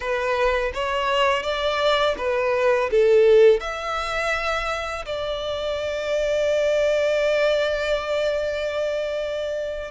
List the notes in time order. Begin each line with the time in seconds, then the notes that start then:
0.00 B4
0.74 C#5
1.43 D5
2.17 B4
2.90 A4
3.60 E5
5.05 D5